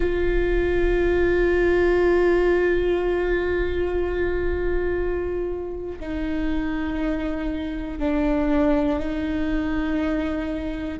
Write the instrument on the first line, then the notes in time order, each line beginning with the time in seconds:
viola
0.00 F4
6.00 D#4
7.99 D4
8.99 D#4